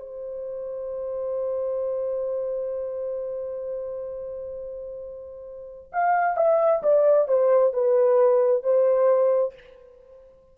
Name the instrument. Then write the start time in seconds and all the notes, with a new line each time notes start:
horn
0.00 C5
5.93 F5
6.37 E5
6.83 D5
7.29 C5
7.74 B4
8.64 C5